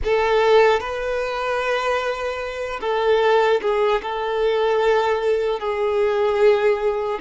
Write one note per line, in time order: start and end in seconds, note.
0.04 0.80 A4
0.80 2.80 B4
2.80 3.60 A4
3.61 4.01 G#4
4.02 5.59 A4
5.59 7.19 G#4